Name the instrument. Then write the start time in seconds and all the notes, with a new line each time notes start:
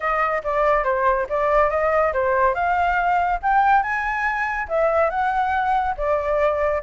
flute
0.00 D#5
0.43 D5
0.84 C5
1.29 D5
1.70 D#5
2.13 C5
2.54 F5
3.42 G5
3.82 G#5
4.68 E5
5.09 F#5
5.97 D5